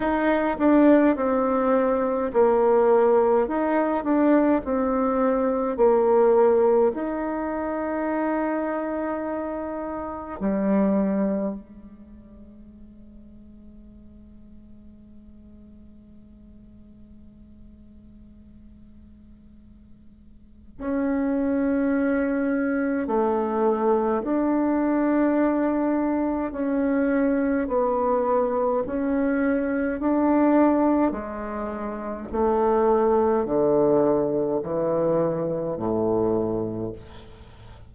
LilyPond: \new Staff \with { instrumentName = "bassoon" } { \time 4/4 \tempo 4 = 52 dis'8 d'8 c'4 ais4 dis'8 d'8 | c'4 ais4 dis'2~ | dis'4 g4 gis2~ | gis1~ |
gis2 cis'2 | a4 d'2 cis'4 | b4 cis'4 d'4 gis4 | a4 d4 e4 a,4 | }